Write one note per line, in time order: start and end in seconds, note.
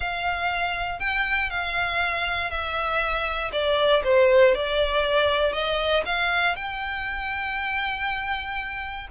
0.00 0.99 F5
0.99 1.50 G5
1.50 2.50 F5
2.50 3.51 E5
3.52 4.02 D5
4.04 4.54 C5
4.54 5.53 D5
5.53 6.03 D#5
6.05 6.55 F5
6.55 9.07 G5